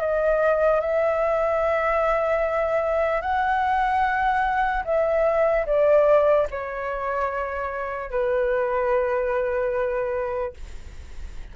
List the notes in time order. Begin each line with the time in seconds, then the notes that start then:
0.00 D#5
0.80 E5
3.21 F#5
4.84 E5
5.66 D5
6.50 C#5
8.10 B4